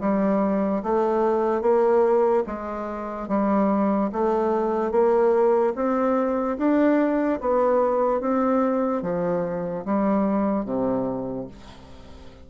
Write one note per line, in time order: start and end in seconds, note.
0.00 0.82 G3
0.83 1.61 A3
1.61 2.43 A#3
2.46 3.28 G#3
3.28 4.10 G3
4.12 4.91 A3
4.91 5.73 A#3
5.75 6.57 C4
6.58 7.40 D4
7.40 8.20 B3
8.20 9.02 C4
9.02 9.84 F3
9.84 10.65 G3
10.65 11.47 C3